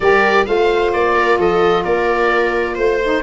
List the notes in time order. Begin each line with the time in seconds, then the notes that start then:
0.00 G3 G4 A#4 D5
0.45 A3 F4 C5 F5
0.93 A#3 D5
1.15 A#4
1.38 F3 A4 D#5
1.83 A#3 A#4 D5
2.74 A3 C5
3.03 D#4